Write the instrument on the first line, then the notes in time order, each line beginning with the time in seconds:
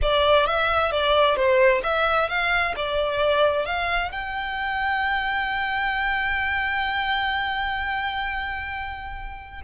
violin
0.02 D5
0.46 E5
0.91 D5
1.36 C5
1.83 E5
2.29 F5
2.76 D5
3.65 F5
4.11 G5